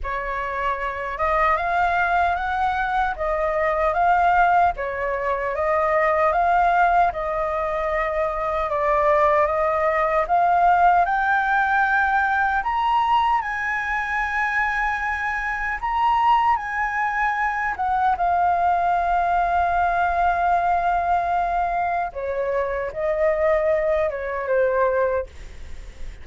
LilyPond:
\new Staff \with { instrumentName = "flute" } { \time 4/4 \tempo 4 = 76 cis''4. dis''8 f''4 fis''4 | dis''4 f''4 cis''4 dis''4 | f''4 dis''2 d''4 | dis''4 f''4 g''2 |
ais''4 gis''2. | ais''4 gis''4. fis''8 f''4~ | f''1 | cis''4 dis''4. cis''8 c''4 | }